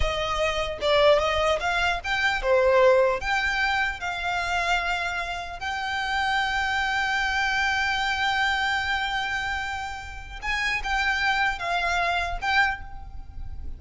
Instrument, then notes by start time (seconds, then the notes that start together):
violin
0.00 D#5
0.81 D5
1.19 D#5
1.60 F5
2.04 G5
2.41 C5
3.20 G5
4.00 F5
5.59 G5
10.41 G#5
10.83 G5
11.58 F5
12.41 G5